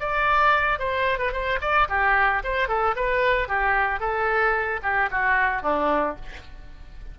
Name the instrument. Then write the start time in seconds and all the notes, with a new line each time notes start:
oboe
0.00 D5
0.79 C5
1.19 B4
1.32 C5
1.61 D5
1.89 G4
2.44 C5
2.69 A4
2.96 B4
3.49 G4
4.00 A4
4.83 G4
5.11 F#4
5.62 D4